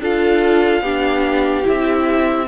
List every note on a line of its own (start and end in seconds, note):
0.00 0.81 D4
0.00 0.84 F4
0.00 0.83 A4
0.00 1.68 F5
0.81 1.64 B3
0.81 1.63 D4
0.81 2.47 G4
1.63 2.48 C4
1.63 2.46 E4
1.63 2.48 E5